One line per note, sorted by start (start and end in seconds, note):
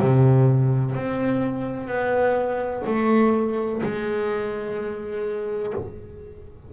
0.00 0.95 C3
0.95 1.88 C4
1.88 2.83 B3
2.87 3.82 A3
3.83 5.74 G#3